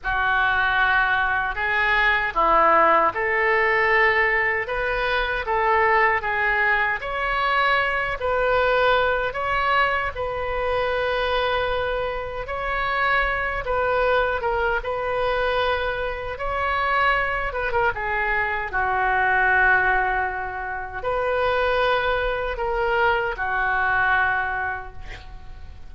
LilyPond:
\new Staff \with { instrumentName = "oboe" } { \time 4/4 \tempo 4 = 77 fis'2 gis'4 e'4 | a'2 b'4 a'4 | gis'4 cis''4. b'4. | cis''4 b'2. |
cis''4. b'4 ais'8 b'4~ | b'4 cis''4. b'16 ais'16 gis'4 | fis'2. b'4~ | b'4 ais'4 fis'2 | }